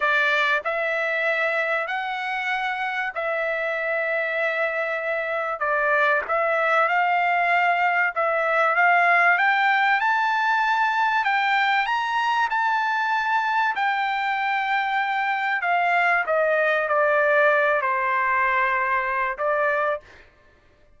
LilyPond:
\new Staff \with { instrumentName = "trumpet" } { \time 4/4 \tempo 4 = 96 d''4 e''2 fis''4~ | fis''4 e''2.~ | e''4 d''4 e''4 f''4~ | f''4 e''4 f''4 g''4 |
a''2 g''4 ais''4 | a''2 g''2~ | g''4 f''4 dis''4 d''4~ | d''8 c''2~ c''8 d''4 | }